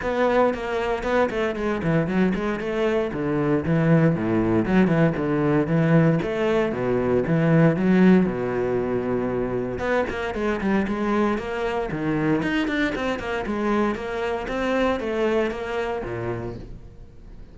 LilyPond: \new Staff \with { instrumentName = "cello" } { \time 4/4 \tempo 4 = 116 b4 ais4 b8 a8 gis8 e8 | fis8 gis8 a4 d4 e4 | a,4 fis8 e8 d4 e4 | a4 b,4 e4 fis4 |
b,2. b8 ais8 | gis8 g8 gis4 ais4 dis4 | dis'8 d'8 c'8 ais8 gis4 ais4 | c'4 a4 ais4 ais,4 | }